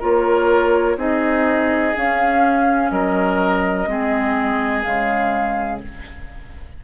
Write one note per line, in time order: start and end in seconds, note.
0.00 0.96 A#3
0.00 0.97 F4
0.00 0.97 A#4
0.00 0.99 C#5
0.96 1.93 C4
0.96 1.94 D#4
0.96 2.92 G#4
0.96 1.96 D#5
1.96 3.87 C#4
1.96 2.91 C#4
1.96 2.90 F5
2.90 3.87 F#3
2.90 3.89 A#4
2.90 4.83 D#5
3.87 4.84 G#3
3.87 4.83 C4
3.87 5.84 G#4
4.83 5.82 C#3
4.83 5.80 G#3
4.83 5.80 F5